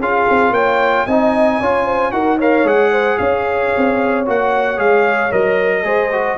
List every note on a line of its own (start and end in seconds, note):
0.00 0.27 C#4
0.00 1.08 F4
0.00 0.53 G#4
0.00 0.53 F5
0.30 0.50 C4
0.50 1.03 A#3
0.50 1.06 C#5
0.50 1.07 G5
1.07 1.60 C4
1.07 1.62 D#4
1.07 1.60 D#5
1.07 2.12 G#5
1.60 2.12 C#4
1.60 2.12 F4
1.60 1.85 C#5
1.85 2.12 C5
2.12 2.64 D#4
2.12 2.38 F#4
2.12 2.37 A#4
2.12 2.38 F#5
2.37 2.65 A#4
2.37 2.90 C#5
2.37 2.68 F5
2.64 3.17 G#3
2.64 4.25 G#4
2.64 3.18 F#5
2.91 3.18 C5
3.18 3.73 C#4
3.18 5.85 C#5
3.18 4.24 F5
3.77 4.28 C4
4.26 4.78 A#3
4.26 4.77 F#4
4.26 4.79 F#5
4.77 5.31 G#3
4.77 5.30 G#4
4.77 5.32 F5
5.30 5.84 F#3
5.30 5.84 A#4
5.30 6.38 D#5
5.84 6.37 G#3
5.84 6.10 G#4
5.84 6.38 C5
6.12 6.38 F#4